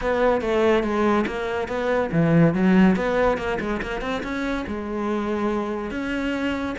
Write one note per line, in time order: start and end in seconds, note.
0.01 0.41 B3
0.41 0.83 A3
0.83 1.25 G#3
1.26 1.68 A#3
1.68 2.10 B3
2.12 2.54 E3
2.54 2.96 F#3
2.96 3.37 B3
3.37 3.58 A#3
3.60 3.81 G#3
3.81 4.01 A#3
4.01 4.22 C4
4.23 4.65 C#4
4.67 5.91 G#3
5.91 6.75 C#4